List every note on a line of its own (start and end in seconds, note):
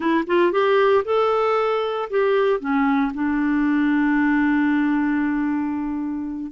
0.00 0.24 E4
0.27 0.52 F4
0.52 1.04 G4
1.04 2.09 A4
2.10 2.59 G4
2.59 3.12 C#4
3.14 6.51 D4